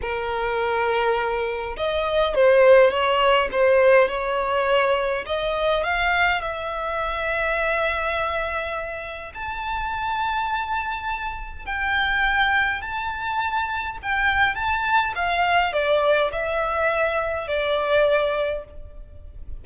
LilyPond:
\new Staff \with { instrumentName = "violin" } { \time 4/4 \tempo 4 = 103 ais'2. dis''4 | c''4 cis''4 c''4 cis''4~ | cis''4 dis''4 f''4 e''4~ | e''1 |
a''1 | g''2 a''2 | g''4 a''4 f''4 d''4 | e''2 d''2 | }